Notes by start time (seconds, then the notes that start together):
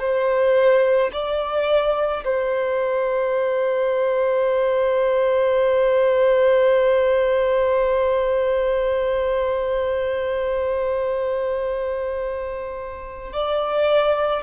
0.00 C5
1.13 D5
2.25 C5
13.33 D5